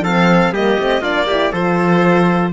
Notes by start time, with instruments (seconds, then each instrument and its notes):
0.00 cello F3, horn C4, trumpet A4, violin F5
0.52 cello G3, horn A#3, trumpet G4, violin D#5
0.79 cello A3, horn C4
1.01 cello A#3, horn D4, trumpet F4, violin D5
1.27 horn E4, trumpet G4
1.52 cello F3, horn F4, trumpet A4, violin C5